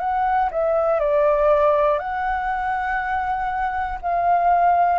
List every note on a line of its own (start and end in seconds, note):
0.00 0.50 F#5
0.51 1.00 E5
1.00 2.00 D5
2.00 4.00 F#5
4.02 5.00 F5